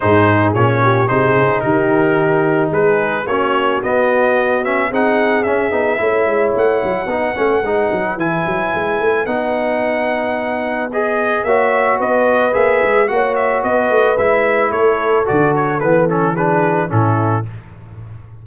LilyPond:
<<
  \new Staff \with { instrumentName = "trumpet" } { \time 4/4 \tempo 4 = 110 c''4 cis''4 c''4 ais'4~ | ais'4 b'4 cis''4 dis''4~ | dis''8 e''8 fis''4 e''2 | fis''2. gis''4~ |
gis''4 fis''2. | dis''4 e''4 dis''4 e''4 | fis''8 e''8 dis''4 e''4 cis''4 | d''8 cis''8 b'8 a'8 b'4 a'4 | }
  \new Staff \with { instrumentName = "horn" } { \time 4/4 gis'4. g'8 gis'4 g'4~ | g'4 gis'4 fis'2~ | fis'4 gis'2 cis''4~ | cis''4 b'2.~ |
b'1~ | b'4 cis''4 b'2 | cis''4 b'2 a'4~ | a'2 gis'4 e'4 | }
  \new Staff \with { instrumentName = "trombone" } { \time 4/4 dis'4 cis'4 dis'2~ | dis'2 cis'4 b4~ | b8 cis'8 dis'4 cis'8 dis'8 e'4~ | e'4 dis'8 cis'8 dis'4 e'4~ |
e'4 dis'2. | gis'4 fis'2 gis'4 | fis'2 e'2 | fis'4 b8 cis'8 d'4 cis'4 | }
  \new Staff \with { instrumentName = "tuba" } { \time 4/4 gis,4 ais,4 c8 cis8 dis4~ | dis4 gis4 ais4 b4~ | b4 c'4 cis'8 b8 a8 gis8 | a8 fis8 b8 a8 gis8 fis8 e8 fis8 |
gis8 a8 b2.~ | b4 ais4 b4 ais8 gis8 | ais4 b8 a8 gis4 a4 | d4 e2 a,4 | }
>>